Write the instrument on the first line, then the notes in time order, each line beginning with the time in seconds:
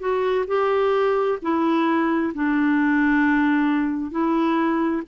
clarinet
0.00 F#4
0.48 G4
1.42 E4
2.35 D4
4.11 E4